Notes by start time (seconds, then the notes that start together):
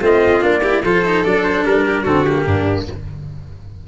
0.00 A3 C4 F4 D#5
0.41 A#3 D4 D5
0.61 E4 G4
0.83 F3 F4 A4 C5
1.05 D#4
1.24 F#3 D4 D5
1.44 C5
1.64 G3 A#4
1.85 G4
2.03 D3 C4 F#4 A4
2.24 A#3 G4
2.46 G2 D4